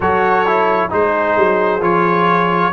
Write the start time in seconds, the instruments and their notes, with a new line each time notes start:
0.00 tuba F#3, trombone F#4, horn A4, trumpet C#5
0.46 trombone E4
0.89 tuba G#3, trombone D#4, horn G#4, trumpet C5
1.37 tuba F#3
1.80 tuba F3, trombone F4, trumpet C#5